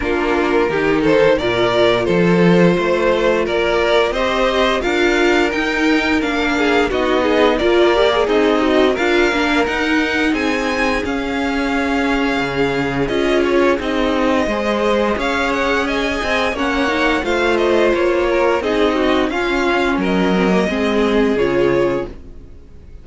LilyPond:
<<
  \new Staff \with { instrumentName = "violin" } { \time 4/4 \tempo 4 = 87 ais'4. c''8 d''4 c''4~ | c''4 d''4 dis''4 f''4 | g''4 f''4 dis''4 d''4 | dis''4 f''4 fis''4 gis''4 |
f''2. dis''8 cis''8 | dis''2 f''8 fis''8 gis''4 | fis''4 f''8 dis''8 cis''4 dis''4 | f''4 dis''2 cis''4 | }
  \new Staff \with { instrumentName = "violin" } { \time 4/4 f'4 g'8 a'8 ais'4 a'4 | c''4 ais'4 c''4 ais'4~ | ais'4. gis'8 fis'8 gis'8 ais'4 | dis'4 ais'2 gis'4~ |
gis'1~ | gis'4 c''4 cis''4 dis''4 | cis''4 c''4. ais'8 gis'8 fis'8 | f'4 ais'4 gis'2 | }
  \new Staff \with { instrumentName = "viola" } { \time 4/4 d'4 dis'4 f'2~ | f'2 g'4 f'4 | dis'4 d'4 dis'4 f'8 g'16 gis'16~ | gis'8 fis'8 f'8 d'8 dis'2 |
cis'2. f'4 | dis'4 gis'2. | cis'8 dis'8 f'2 dis'4 | cis'4. c'16 ais16 c'4 f'4 | }
  \new Staff \with { instrumentName = "cello" } { \time 4/4 ais4 dis4 ais,4 f4 | a4 ais4 c'4 d'4 | dis'4 ais4 b4 ais4 | c'4 d'8 ais8 dis'4 c'4 |
cis'2 cis4 cis'4 | c'4 gis4 cis'4. c'8 | ais4 a4 ais4 c'4 | cis'4 fis4 gis4 cis4 | }
>>